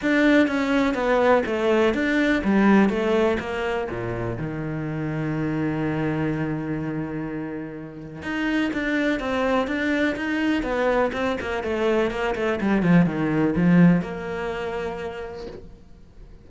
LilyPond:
\new Staff \with { instrumentName = "cello" } { \time 4/4 \tempo 4 = 124 d'4 cis'4 b4 a4 | d'4 g4 a4 ais4 | ais,4 dis2.~ | dis1~ |
dis4 dis'4 d'4 c'4 | d'4 dis'4 b4 c'8 ais8 | a4 ais8 a8 g8 f8 dis4 | f4 ais2. | }